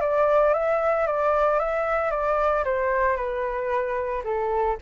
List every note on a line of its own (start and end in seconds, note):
0.00 0.53 D5
0.53 1.06 E5
1.06 1.59 D5
1.59 2.10 E5
2.10 2.64 D5
2.64 3.16 C5
3.16 4.22 B4
4.24 4.77 A4